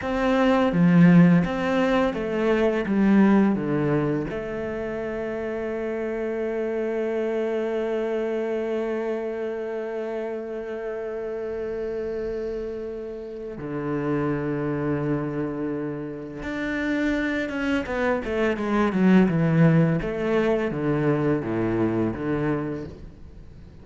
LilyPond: \new Staff \with { instrumentName = "cello" } { \time 4/4 \tempo 4 = 84 c'4 f4 c'4 a4 | g4 d4 a2~ | a1~ | a1~ |
a2. d4~ | d2. d'4~ | d'8 cis'8 b8 a8 gis8 fis8 e4 | a4 d4 a,4 d4 | }